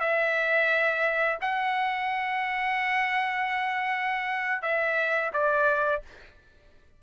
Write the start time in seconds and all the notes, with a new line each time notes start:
0.00 E5
1.41 F#5
4.62 E5
5.33 D5